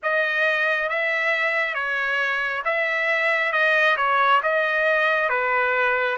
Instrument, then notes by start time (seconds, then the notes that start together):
trumpet
0.02 D#5
0.89 E5
1.74 C#5
2.65 E5
3.52 D#5
3.97 C#5
4.42 D#5
5.29 B4